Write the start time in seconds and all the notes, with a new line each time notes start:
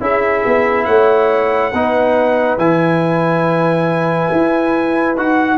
0.00 C#4 E4 G#4 E5
0.45 B3
0.85 A3 C#5 F#5
1.71 B3 D#4 B4
2.57 E3 E4 G#5
4.31 E4
5.17 D#4 F#4 F#5